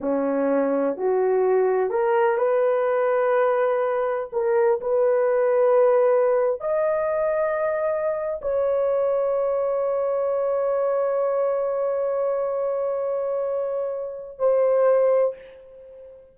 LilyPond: \new Staff \with { instrumentName = "horn" } { \time 4/4 \tempo 4 = 125 cis'2 fis'2 | ais'4 b'2.~ | b'4 ais'4 b'2~ | b'4.~ b'16 dis''2~ dis''16~ |
dis''4. cis''2~ cis''8~ | cis''1~ | cis''1~ | cis''2 c''2 | }